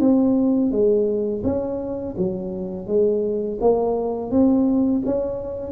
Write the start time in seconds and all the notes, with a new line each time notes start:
0.00 C4
0.71 G#3
1.44 C#4
2.17 F#3
2.87 G#3
3.61 A#3
4.31 C4
5.06 C#4